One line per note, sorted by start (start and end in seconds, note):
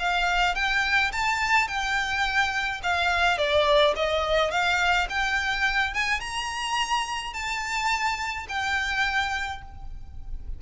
0.00 0.56 F5
0.56 1.12 G5
1.12 1.69 A5
1.69 2.82 G5
2.84 3.38 F5
3.38 3.95 D5
3.96 4.52 D#5
4.52 5.08 F5
5.10 5.94 G5
5.94 6.21 G#5
6.21 7.34 A#5
7.34 8.47 A5
8.49 9.62 G5